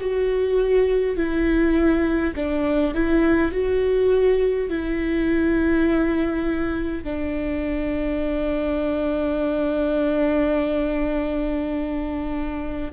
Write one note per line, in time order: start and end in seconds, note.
0.00 1.17 F#4
1.17 2.34 E4
2.35 2.94 D4
2.94 3.51 E4
3.51 4.69 F#4
4.69 7.04 E4
7.04 12.92 D4